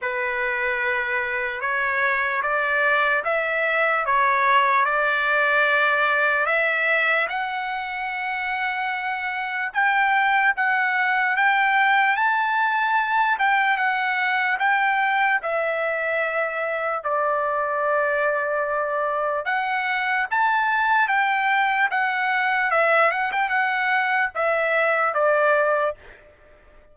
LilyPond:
\new Staff \with { instrumentName = "trumpet" } { \time 4/4 \tempo 4 = 74 b'2 cis''4 d''4 | e''4 cis''4 d''2 | e''4 fis''2. | g''4 fis''4 g''4 a''4~ |
a''8 g''8 fis''4 g''4 e''4~ | e''4 d''2. | fis''4 a''4 g''4 fis''4 | e''8 fis''16 g''16 fis''4 e''4 d''4 | }